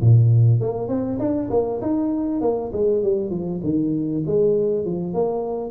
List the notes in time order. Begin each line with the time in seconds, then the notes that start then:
0.00 A#2
0.60 A#3
0.88 C4
1.19 D4
1.50 A#3
1.81 D#4
2.40 A#3
2.72 G#3
3.02 G3
3.30 F3
3.63 D#3
4.26 G#3
4.85 F3
5.13 A#3